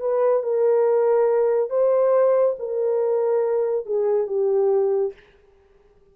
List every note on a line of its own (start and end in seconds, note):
0.00 0.43 B4
0.43 1.69 A#4
1.69 2.55 C5
2.59 3.86 A#4
3.86 4.27 G#4
4.27 5.13 G4